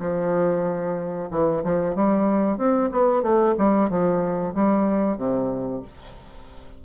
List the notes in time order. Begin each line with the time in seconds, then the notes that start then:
0.00 F3
1.31 E3
1.64 F3
1.96 G3
2.58 C4
2.92 B3
3.23 A3
3.58 G3
3.90 F3
4.55 G3
5.18 C3